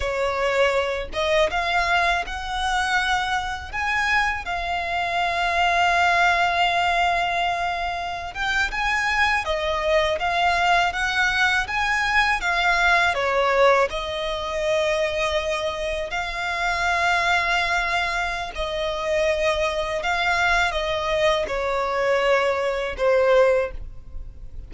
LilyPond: \new Staff \with { instrumentName = "violin" } { \time 4/4 \tempo 4 = 81 cis''4. dis''8 f''4 fis''4~ | fis''4 gis''4 f''2~ | f''2.~ f''16 g''8 gis''16~ | gis''8. dis''4 f''4 fis''4 gis''16~ |
gis''8. f''4 cis''4 dis''4~ dis''16~ | dis''4.~ dis''16 f''2~ f''16~ | f''4 dis''2 f''4 | dis''4 cis''2 c''4 | }